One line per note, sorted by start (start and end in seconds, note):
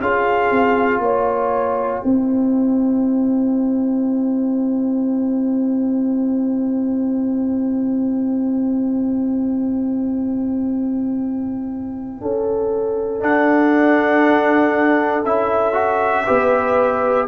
0.00 0.50 C#4
0.00 2.04 F4
0.00 1.02 G#4
0.00 1.01 F5
0.50 0.99 C4
0.99 2.01 A#3
0.99 2.03 C#5
0.99 13.22 G5
2.03 12.21 C4
2.03 13.20 E4
2.03 12.20 C5
12.21 13.21 C#4
12.21 16.26 A4
13.20 15.23 D4
13.20 15.24 D4
13.20 15.25 F#5
15.24 16.26 C#4
15.24 15.73 E4
15.24 17.28 E5
15.73 16.24 F#4
16.26 17.28 B3
16.26 17.28 G4
16.26 17.27 B4